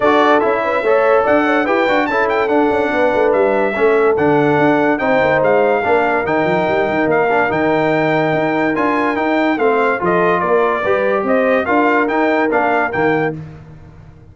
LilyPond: <<
  \new Staff \with { instrumentName = "trumpet" } { \time 4/4 \tempo 4 = 144 d''4 e''2 fis''4 | g''4 a''8 g''8 fis''2 | e''2 fis''2 | g''4 f''2 g''4~ |
g''4 f''4 g''2~ | g''4 gis''4 g''4 f''4 | dis''4 d''2 dis''4 | f''4 g''4 f''4 g''4 | }
  \new Staff \with { instrumentName = "horn" } { \time 4/4 a'4. b'8 cis''4 d''8 cis''8 | b'4 a'2 b'4~ | b'4 a'2. | c''2 ais'2~ |
ais'1~ | ais'2. c''4 | a'4 ais'4 b'4 c''4 | ais'1 | }
  \new Staff \with { instrumentName = "trombone" } { \time 4/4 fis'4 e'4 a'2 | g'8 fis'8 e'4 d'2~ | d'4 cis'4 d'2 | dis'2 d'4 dis'4~ |
dis'4. d'8 dis'2~ | dis'4 f'4 dis'4 c'4 | f'2 g'2 | f'4 dis'4 d'4 ais4 | }
  \new Staff \with { instrumentName = "tuba" } { \time 4/4 d'4 cis'4 a4 d'4 | e'8 d'8 cis'4 d'8 cis'8 b8 a8 | g4 a4 d4 d'4 | c'8 ais8 gis4 ais4 dis8 f8 |
g8 dis8 ais4 dis2 | dis'4 d'4 dis'4 a4 | f4 ais4 g4 c'4 | d'4 dis'4 ais4 dis4 | }
>>